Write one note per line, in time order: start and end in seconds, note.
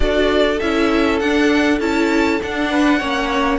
0.00 0.59 D4
0.00 0.59 F#4
0.00 2.70 A4
0.00 0.59 D5
0.59 1.21 C#4
0.59 1.22 E4
0.59 1.19 E5
1.19 1.79 D4
1.19 1.80 D4
1.19 1.79 F#5
1.79 2.39 C#4
1.79 2.40 E4
1.79 2.41 A5
2.42 3.00 D4
2.42 3.58 F#5
2.70 2.98 B4
2.98 3.58 A#3
2.98 3.58 C#4
2.98 3.58 C#5